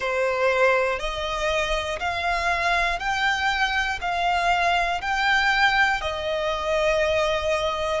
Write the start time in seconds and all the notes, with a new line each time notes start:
0.00 C5
0.99 D#5
1.99 F5
2.99 G5
4.00 F5
5.00 G5
6.00 D#5